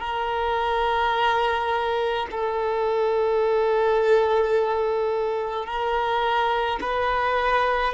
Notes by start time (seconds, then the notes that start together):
0.00 A#4
2.31 A4
5.66 A#4
6.81 B4